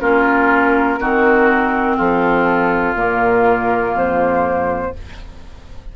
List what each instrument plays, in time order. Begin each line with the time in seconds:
0.00 bassoon A#3, clarinet C#4, oboe F4, flute A#4
0.99 bassoon D#3, clarinet C4, oboe F#4
1.96 bassoon F3, oboe F4, flute A4
2.94 bassoon A#2, clarinet A#3, flute A#4
3.94 bassoon F2, flute C5